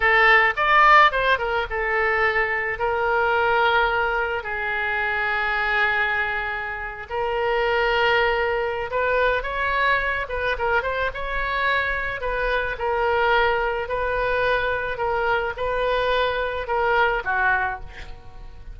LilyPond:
\new Staff \with { instrumentName = "oboe" } { \time 4/4 \tempo 4 = 108 a'4 d''4 c''8 ais'8 a'4~ | a'4 ais'2. | gis'1~ | gis'8. ais'2.~ ais'16 |
b'4 cis''4. b'8 ais'8 c''8 | cis''2 b'4 ais'4~ | ais'4 b'2 ais'4 | b'2 ais'4 fis'4 | }